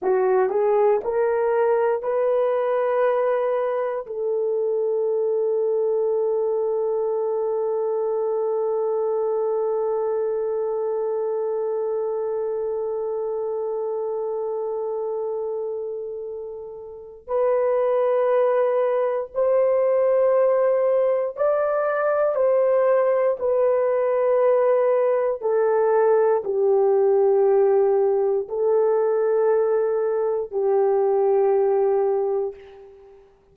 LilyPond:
\new Staff \with { instrumentName = "horn" } { \time 4/4 \tempo 4 = 59 fis'8 gis'8 ais'4 b'2 | a'1~ | a'1~ | a'1~ |
a'4 b'2 c''4~ | c''4 d''4 c''4 b'4~ | b'4 a'4 g'2 | a'2 g'2 | }